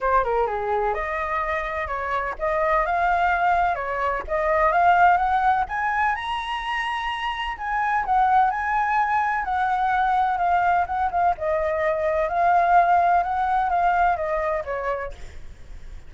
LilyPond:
\new Staff \with { instrumentName = "flute" } { \time 4/4 \tempo 4 = 127 c''8 ais'8 gis'4 dis''2 | cis''4 dis''4 f''2 | cis''4 dis''4 f''4 fis''4 | gis''4 ais''2. |
gis''4 fis''4 gis''2 | fis''2 f''4 fis''8 f''8 | dis''2 f''2 | fis''4 f''4 dis''4 cis''4 | }